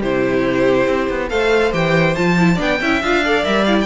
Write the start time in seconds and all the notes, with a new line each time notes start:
0.00 C3 E4 G4 C5
0.87 C4
1.10 B3
1.29 A3 A4 C5 F5
1.72 E3 G4 G5
2.15 F3 F4 A5
2.38 E4
2.54 B3 D4 D5
2.61 G5
2.81 C#4 E4 E5
3.02 D4 F4 F5
3.24 A4 D5
3.44 G3 A#4 E5
3.64 E4 F5
3.80 G5